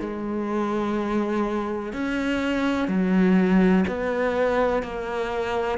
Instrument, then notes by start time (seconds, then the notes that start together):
cello
0.00 G#3
1.93 C#4
2.88 F#3
3.88 B3
4.83 A#3